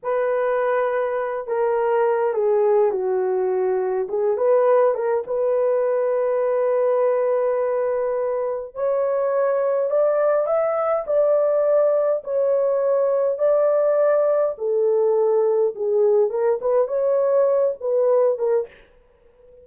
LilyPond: \new Staff \with { instrumentName = "horn" } { \time 4/4 \tempo 4 = 103 b'2~ b'8 ais'4. | gis'4 fis'2 gis'8 b'8~ | b'8 ais'8 b'2.~ | b'2. cis''4~ |
cis''4 d''4 e''4 d''4~ | d''4 cis''2 d''4~ | d''4 a'2 gis'4 | ais'8 b'8 cis''4. b'4 ais'8 | }